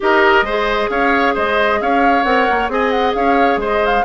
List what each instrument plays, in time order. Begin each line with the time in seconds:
0.00 bassoon D#4, clarinet G4, oboe A#4, flute D#5
0.42 bassoon G#3, clarinet G#4, oboe C5
0.89 bassoon C#4, oboe C#5, flute F5
1.34 bassoon G#3, oboe C5, flute D#5
1.81 bassoon C#4, oboe C#5, flute F5
2.23 bassoon C4, clarinet A#4, flute F#5
2.50 bassoon A#3
2.68 bassoon C4, clarinet G#4, oboe D#5, flute G#5
2.90 flute F#5
3.14 bassoon C#4, oboe C#5, flute F5
3.56 bassoon G#3, oboe C5
3.63 flute D#5
3.86 flute F5